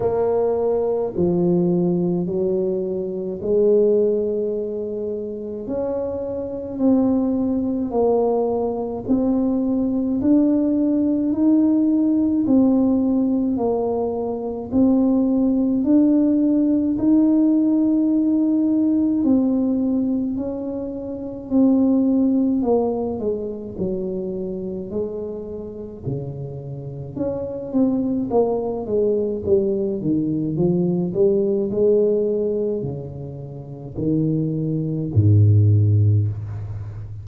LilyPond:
\new Staff \with { instrumentName = "tuba" } { \time 4/4 \tempo 4 = 53 ais4 f4 fis4 gis4~ | gis4 cis'4 c'4 ais4 | c'4 d'4 dis'4 c'4 | ais4 c'4 d'4 dis'4~ |
dis'4 c'4 cis'4 c'4 | ais8 gis8 fis4 gis4 cis4 | cis'8 c'8 ais8 gis8 g8 dis8 f8 g8 | gis4 cis4 dis4 gis,4 | }